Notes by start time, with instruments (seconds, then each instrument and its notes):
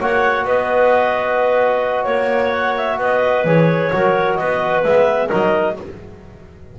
0.00 double bass A#3, trombone F#4, clarinet C#5 F#5
0.45 double bass B3, clarinet B4 D#5
2.03 double bass A#3, clarinet C#5
2.51 clarinet F#5
2.76 clarinet E5
2.98 double bass B3, clarinet B4 D#5
3.44 double bass E3, trombone G#4, clarinet C#5
3.92 double bass F#3, trombone F#4, clarinet A#4
4.35 double bass B3, clarinet B4 D#5
4.83 double bass G#3, trombone B3, clarinet E5
5.27 double bass F#3, trombone D#4, clarinet A#4 D#5